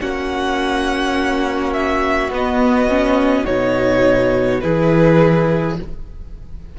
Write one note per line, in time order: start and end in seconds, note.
0.00 2.29 A#3
0.00 2.31 C#4
0.00 4.62 F#4
0.00 1.73 F#5
1.73 2.30 E5
2.29 3.45 B3
2.29 2.89 B3
2.29 3.45 D#5
2.89 3.44 C#4
3.44 4.62 B2
3.44 4.60 D#4
3.44 4.61 C#5
4.61 5.79 E3
4.61 5.77 E4
4.61 5.78 G#4
4.61 5.76 B4